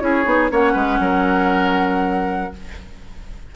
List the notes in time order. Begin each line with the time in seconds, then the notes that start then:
0.00 C#4 E4 G#4 C#5
0.24 B3 D#4
0.50 A#3 C#4 C#5 F#5
0.73 G#3 B4
1.00 F#3 A#4